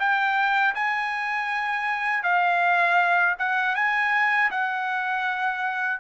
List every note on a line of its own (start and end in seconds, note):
0.00 0.75 G5
0.75 2.24 G#5
2.24 3.36 F5
3.39 3.76 F#5
3.76 4.51 G#5
4.51 6.01 F#5